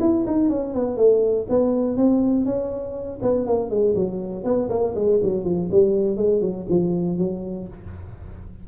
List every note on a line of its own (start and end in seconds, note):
0.00 0.25 E4
0.27 0.49 D#4
0.49 0.74 C#4
0.74 0.97 B3
0.97 1.47 A3
1.49 1.97 B3
1.97 2.45 C4
2.45 3.20 C#4
3.22 3.46 B3
3.46 3.70 A#3
3.70 3.95 G#3
3.95 4.44 F#3
4.44 4.69 B3
4.70 4.95 A#3
4.95 5.20 G#3
5.23 5.45 F#3
5.45 5.69 F3
5.71 6.17 G3
6.17 6.41 G#3
6.41 6.66 F#3
6.69 7.18 F3
7.18 7.68 F#3